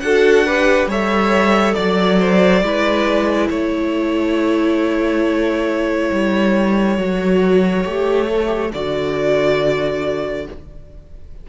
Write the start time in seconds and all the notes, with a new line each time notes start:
0.00 D4 F#4 A4 F#5
0.45 G4 B4
0.87 G3 A4 C#5 E5
1.74 F#3 D5
2.19 C5
2.62 G#3 E4 B4
3.49 A3 A4 C#5
6.11 G3
6.97 F#3 F#4
7.84 A3 G4
8.29 A4
8.47 G4
8.72 D3 F#4 D5